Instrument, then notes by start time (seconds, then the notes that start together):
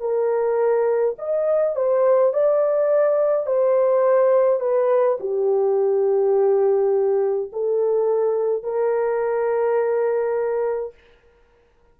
horn
0.00 A#4
1.19 D#5
1.76 C5
2.33 D5
3.47 C5
4.60 B4
5.20 G4
7.52 A4
8.63 A#4